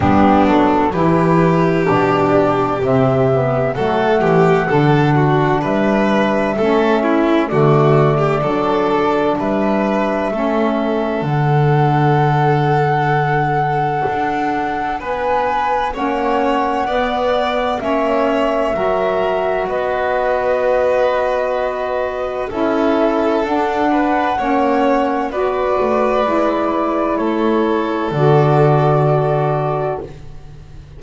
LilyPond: <<
  \new Staff \with { instrumentName = "flute" } { \time 4/4 \tempo 4 = 64 g'8 a'8 b'4 d''4 e''4 | fis''2 e''2 | d''2 e''2 | fis''1 |
gis''4 fis''2 e''4~ | e''4 dis''2. | e''4 fis''2 d''4~ | d''4 cis''4 d''2 | }
  \new Staff \with { instrumentName = "violin" } { \time 4/4 d'4 g'2. | a'8 g'8 a'8 fis'8 b'4 a'8 e'8 | fis'8. g'16 a'4 b'4 a'4~ | a'1 |
b'4 cis''4 d''4 cis''4 | ais'4 b'2. | a'4. b'8 cis''4 b'4~ | b'4 a'2. | }
  \new Staff \with { instrumentName = "saxophone" } { \time 4/4 b4 e'4 d'4 c'8 b8 | a4 d'2 cis'4 | a4 d'2 cis'4 | d'1~ |
d'4 cis'4 b4 cis'4 | fis'1 | e'4 d'4 cis'4 fis'4 | e'2 fis'2 | }
  \new Staff \with { instrumentName = "double bass" } { \time 4/4 g8 fis8 e4 b,4 c4 | fis8 e8 d4 g4 a4 | d4 fis4 g4 a4 | d2. d'4 |
b4 ais4 b4 ais4 | fis4 b2. | cis'4 d'4 ais4 b8 a8 | gis4 a4 d2 | }
>>